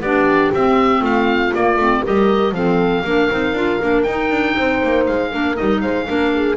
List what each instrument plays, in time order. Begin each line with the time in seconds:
0.00 double bass B3, clarinet D4, horn G4, oboe D5
0.53 double bass C4, clarinet C4, oboe E5
0.99 double bass A3, horn F4, oboe F5
1.53 clarinet A#3, double bass A#3, oboe D5
1.76 double bass A3, clarinet C4
2.04 double bass G3, clarinet G4, horn A#4, oboe D#5
2.51 double bass F3, clarinet C4, horn A4, oboe F5
3.04 double bass A#3, clarinet D4, horn A#4
3.30 double bass C4, clarinet D#4
3.53 double bass D4, clarinet F4
3.80 double bass A#3, clarinet D4
4.02 double bass D#4, oboe G5
4.09 clarinet D#4
4.30 double bass D4
4.57 double bass C4, horn C5
4.83 double bass A#3
5.06 double bass G#3, oboe F5
5.30 double bass A#3, clarinet D4, horn A#4
5.55 double bass G3, clarinet D#4, oboe D#5
5.81 double bass G#3, horn C5, oboe F5
6.06 double bass A#3, clarinet D4, horn A#4
6.34 horn G#4